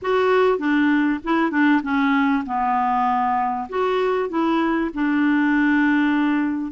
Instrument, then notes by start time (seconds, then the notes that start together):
clarinet
0.02 F#4
0.58 D4
1.24 E4
1.50 D4
1.82 C#4
2.45 B3
3.69 F#4
4.29 E4
4.93 D4